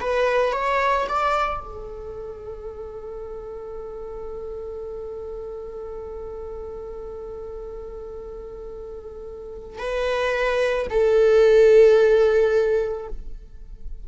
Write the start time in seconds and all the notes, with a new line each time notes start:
0.00 B4
0.52 C#5
1.09 D5
1.60 A4
9.78 B4
10.90 A4